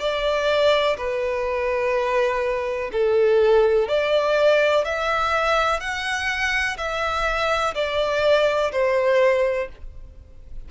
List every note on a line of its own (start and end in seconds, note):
0.00 0.97 D5
0.97 2.91 B4
2.92 3.88 A4
3.88 4.85 D5
4.85 5.80 E5
5.80 6.77 F#5
6.77 7.74 E5
7.75 8.71 D5
8.72 9.69 C5